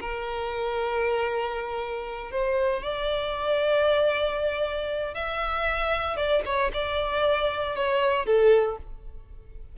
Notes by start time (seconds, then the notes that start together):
0.00 A#4
2.30 C5
2.82 D5
5.13 E5
6.16 D5
6.45 C#5
6.73 D5
7.75 C#5
8.25 A4